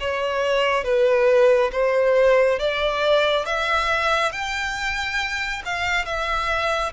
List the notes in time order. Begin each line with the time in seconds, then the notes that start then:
0.00 C#5
0.84 B4
1.72 C5
2.59 D5
3.46 E5
4.32 G5
5.65 F5
6.05 E5